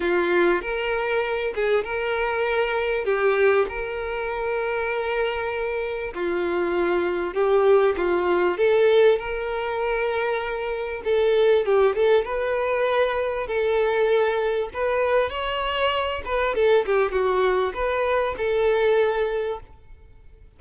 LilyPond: \new Staff \with { instrumentName = "violin" } { \time 4/4 \tempo 4 = 98 f'4 ais'4. gis'8 ais'4~ | ais'4 g'4 ais'2~ | ais'2 f'2 | g'4 f'4 a'4 ais'4~ |
ais'2 a'4 g'8 a'8 | b'2 a'2 | b'4 cis''4. b'8 a'8 g'8 | fis'4 b'4 a'2 | }